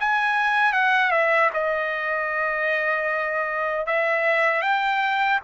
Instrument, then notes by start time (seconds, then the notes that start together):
trumpet
0.00 G#5
0.73 F#5
1.11 E5
1.54 D#5
3.87 E5
4.62 G5